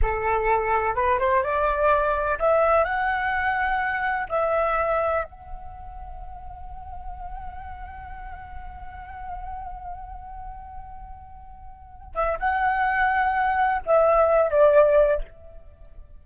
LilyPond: \new Staff \with { instrumentName = "flute" } { \time 4/4 \tempo 4 = 126 a'2 b'8 c''8 d''4~ | d''4 e''4 fis''2~ | fis''4 e''2 fis''4~ | fis''1~ |
fis''1~ | fis''1~ | fis''4. e''8 fis''2~ | fis''4 e''4. d''4. | }